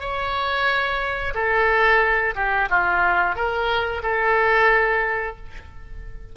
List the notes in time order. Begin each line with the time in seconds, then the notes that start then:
0.00 C#5
1.34 A4
2.35 G4
2.69 F4
3.35 A#4
4.03 A4